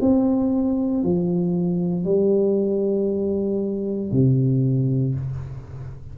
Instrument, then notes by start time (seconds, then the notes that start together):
tuba
0.00 C4
1.03 F3
2.05 G3
4.11 C3